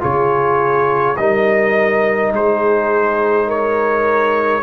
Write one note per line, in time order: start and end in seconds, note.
0.00 1.18 C#3
0.00 1.15 F4
0.00 1.17 G#4
0.00 1.17 C#5
1.17 2.33 G3
1.17 4.63 D#4
1.17 2.35 A#4
1.17 2.32 D#5
2.33 4.63 G#3
2.33 3.47 G#4
2.33 3.50 C5
3.47 4.63 A#4
3.47 4.63 C#5